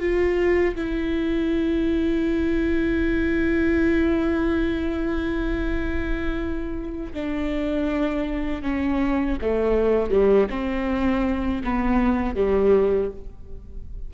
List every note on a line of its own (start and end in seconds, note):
0.00 0.75 F4
0.76 7.13 E4
7.14 8.62 D4
8.62 9.38 C#4
9.41 10.11 A3
10.11 10.48 G3
10.50 11.62 C4
11.64 12.35 B3
12.35 13.10 G3